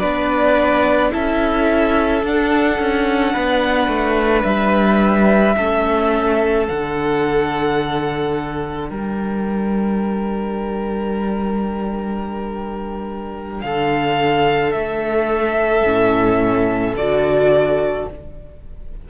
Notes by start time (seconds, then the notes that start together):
0.00 B3 D4 B4 D5
1.12 C#4 E4 A4 E5
2.24 D4 F#5
2.80 C#4
3.34 B3 B4
3.88 A3
4.44 G3 E5
5.57 A3 C#4 A4
6.68 D3 D4 F#5
8.89 G3 A#4 G5
13.61 D3 A4 F5
14.73 A3 E5
15.84 A2 C#4
16.94 D3 F#4 D5